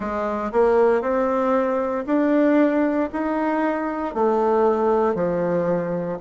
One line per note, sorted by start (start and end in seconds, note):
0.00 0.51 G#3
0.52 1.01 A#3
1.01 2.05 C4
2.06 3.09 D4
3.12 4.14 D#4
4.14 5.14 A3
5.14 6.18 F3